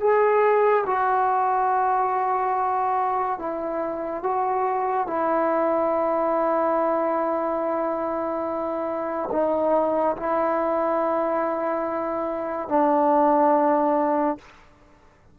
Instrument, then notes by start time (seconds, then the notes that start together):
trombone
0.00 G#4
0.86 F#4
3.39 E4
4.23 F#4
5.07 E4
9.31 D#4
10.16 E4
12.68 D4